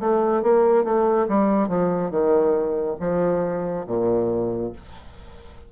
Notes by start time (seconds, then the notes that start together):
0.00 A3
0.42 A#3
0.84 A3
1.28 G3
1.68 F3
2.11 D#3
3.00 F3
3.86 A#2